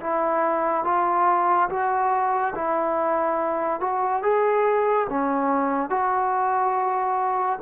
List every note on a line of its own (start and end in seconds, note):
0.00 0.84 E4
0.84 1.69 F4
1.69 2.54 F#4
2.55 3.80 E4
3.80 4.22 F#4
4.23 5.07 G#4
5.09 5.90 C#4
5.90 7.59 F#4